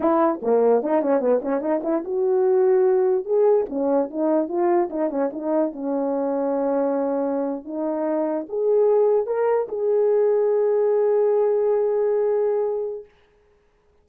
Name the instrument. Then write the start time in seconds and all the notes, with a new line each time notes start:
horn
0.00 E4
0.41 A#3
0.83 D#4
1.01 C#4
1.20 B3
1.41 C#4
1.60 D#4
1.83 E4
2.04 F#4
3.25 G#4
3.69 C#4
4.10 D#4
4.48 F4
4.90 D#4
5.10 C#4
5.32 D#4
5.72 C#4
7.64 D#4
8.48 G#4
9.26 A#4
9.68 G#4